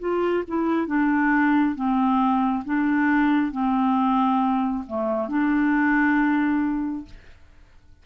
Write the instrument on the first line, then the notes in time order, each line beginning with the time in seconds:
clarinet
0.00 F4
0.48 E4
0.87 D4
1.76 C4
2.65 D4
3.52 C4
4.87 A3
5.29 D4